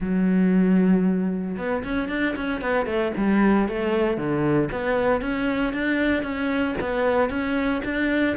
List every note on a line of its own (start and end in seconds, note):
0.00 1.57 F#3
1.57 1.83 B3
1.84 2.09 C#4
2.09 2.35 D4
2.36 2.61 C#4
2.61 2.86 B3
2.86 3.12 A3
3.16 3.68 G3
3.68 4.17 A3
4.17 4.69 D3
4.71 5.21 B3
5.21 5.72 C#4
5.72 6.22 D4
6.22 6.74 C#4
6.80 7.29 B3
7.29 7.81 C#4
7.84 8.36 D4